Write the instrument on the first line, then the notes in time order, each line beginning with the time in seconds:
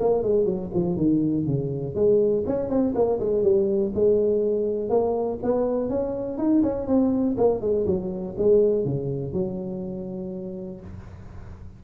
tuba
0.00 A#3
0.23 G#3
0.45 F#3
0.74 F3
0.96 D#3
1.46 C#3
1.94 G#3
2.46 C#4
2.69 C4
2.95 A#3
3.19 G#3
3.43 G3
3.94 G#3
4.89 A#3
5.43 B3
5.89 C#4
6.37 D#4
6.62 C#4
6.87 C4
7.37 A#3
7.61 G#3
7.86 F#3
8.38 G#3
8.84 C#3
9.33 F#3